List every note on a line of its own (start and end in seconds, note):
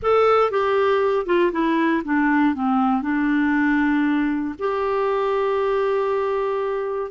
0.02 0.50 A4
0.50 1.26 G4
1.26 1.51 F4
1.52 2.02 E4
2.04 2.54 D4
2.54 3.02 C4
3.02 4.54 D4
4.59 7.11 G4